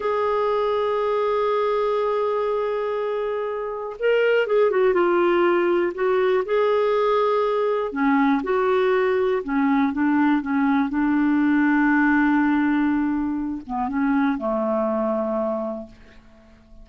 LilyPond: \new Staff \with { instrumentName = "clarinet" } { \time 4/4 \tempo 4 = 121 gis'1~ | gis'1 | ais'4 gis'8 fis'8 f'2 | fis'4 gis'2. |
cis'4 fis'2 cis'4 | d'4 cis'4 d'2~ | d'2.~ d'8 b8 | cis'4 a2. | }